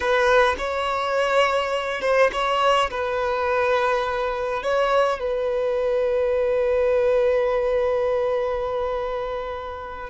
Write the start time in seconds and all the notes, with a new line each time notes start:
0.00 B4
0.58 C#5
2.01 C5
2.32 C#5
2.90 B4
4.62 C#5
5.19 B4